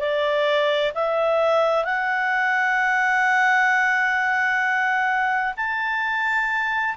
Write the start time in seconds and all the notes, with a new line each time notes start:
0.00 D5
0.94 E5
1.85 F#5
5.57 A5